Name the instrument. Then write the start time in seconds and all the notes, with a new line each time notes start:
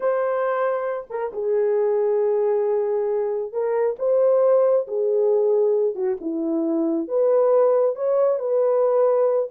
horn
0.00 C5
1.10 A#4
1.32 G#4
3.52 A#4
3.98 C5
4.87 G#4
5.95 F#4
6.20 E4
7.08 B4
7.95 C#5
8.39 B4